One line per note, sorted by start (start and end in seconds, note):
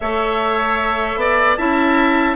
0.00 1.16 A3
0.00 1.58 A4
0.00 1.19 C#5
0.00 1.56 E5
1.16 1.55 B3
1.16 1.58 D5
1.56 2.35 C#4
1.56 2.35 E4
1.56 2.35 E5
1.56 2.35 A5